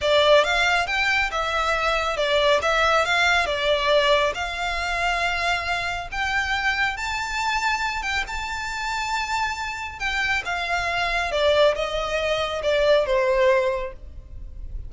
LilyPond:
\new Staff \with { instrumentName = "violin" } { \time 4/4 \tempo 4 = 138 d''4 f''4 g''4 e''4~ | e''4 d''4 e''4 f''4 | d''2 f''2~ | f''2 g''2 |
a''2~ a''8 g''8 a''4~ | a''2. g''4 | f''2 d''4 dis''4~ | dis''4 d''4 c''2 | }